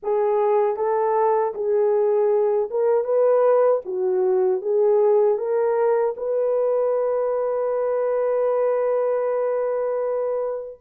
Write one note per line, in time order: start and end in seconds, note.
0.02 0.76 G#4
0.76 1.53 A4
1.54 2.69 G#4
2.70 3.04 A#4
3.04 3.81 B4
3.85 4.61 F#4
4.61 5.37 G#4
5.37 6.14 A#4
6.16 10.78 B4